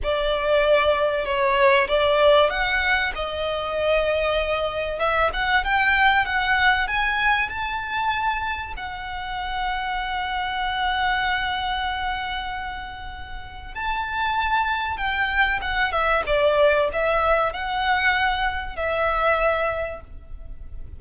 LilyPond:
\new Staff \with { instrumentName = "violin" } { \time 4/4 \tempo 4 = 96 d''2 cis''4 d''4 | fis''4 dis''2. | e''8 fis''8 g''4 fis''4 gis''4 | a''2 fis''2~ |
fis''1~ | fis''2 a''2 | g''4 fis''8 e''8 d''4 e''4 | fis''2 e''2 | }